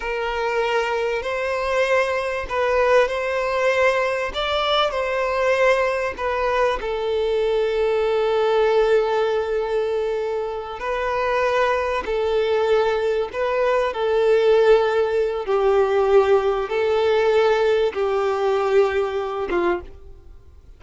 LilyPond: \new Staff \with { instrumentName = "violin" } { \time 4/4 \tempo 4 = 97 ais'2 c''2 | b'4 c''2 d''4 | c''2 b'4 a'4~ | a'1~ |
a'4. b'2 a'8~ | a'4. b'4 a'4.~ | a'4 g'2 a'4~ | a'4 g'2~ g'8 f'8 | }